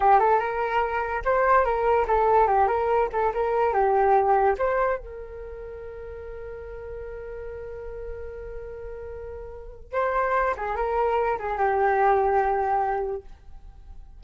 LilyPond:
\new Staff \with { instrumentName = "flute" } { \time 4/4 \tempo 4 = 145 g'8 a'8 ais'2 c''4 | ais'4 a'4 g'8 ais'4 a'8 | ais'4 g'2 c''4 | ais'1~ |
ais'1~ | ais'1 | c''4. gis'8 ais'4. gis'8 | g'1 | }